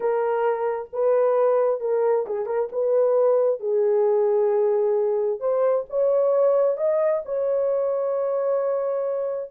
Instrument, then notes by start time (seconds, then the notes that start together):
horn
0.00 A#4
0.92 B4
1.80 A#4
2.26 G#4
2.46 A#4
2.71 B4
3.59 G#4
5.40 C5
5.89 C#5
6.77 D#5
7.25 C#5